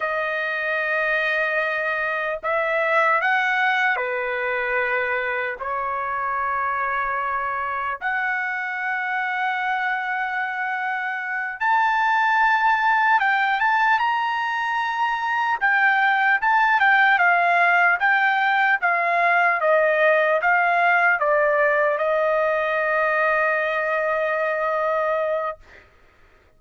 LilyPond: \new Staff \with { instrumentName = "trumpet" } { \time 4/4 \tempo 4 = 75 dis''2. e''4 | fis''4 b'2 cis''4~ | cis''2 fis''2~ | fis''2~ fis''8 a''4.~ |
a''8 g''8 a''8 ais''2 g''8~ | g''8 a''8 g''8 f''4 g''4 f''8~ | f''8 dis''4 f''4 d''4 dis''8~ | dis''1 | }